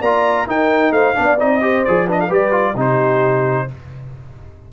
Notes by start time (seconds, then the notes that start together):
0.00 A#3 F4 D5 A#5
0.46 D#4 A#4 G5
0.91 A3 C5 F5
1.15 B3 D4 D5
1.38 C4 D#4 D#5
1.61 G4 C5
1.84 F3 G#4 D5
2.06 D4 B4 D#5
2.19 A4 F5
2.28 G3 G4 B4 D5
2.51 F4
2.75 C3 D#4 G4 C5